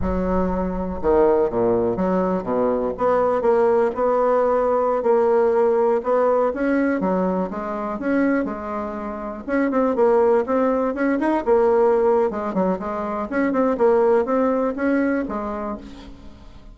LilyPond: \new Staff \with { instrumentName = "bassoon" } { \time 4/4 \tempo 4 = 122 fis2 dis4 ais,4 | fis4 b,4 b4 ais4 | b2~ b16 ais4.~ ais16~ | ais16 b4 cis'4 fis4 gis8.~ |
gis16 cis'4 gis2 cis'8 c'16~ | c'16 ais4 c'4 cis'8 dis'8 ais8.~ | ais4 gis8 fis8 gis4 cis'8 c'8 | ais4 c'4 cis'4 gis4 | }